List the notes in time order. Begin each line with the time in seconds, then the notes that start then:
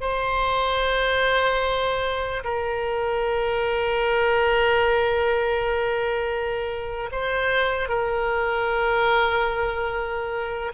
0.00 C5
2.44 A#4
7.11 C5
7.88 A#4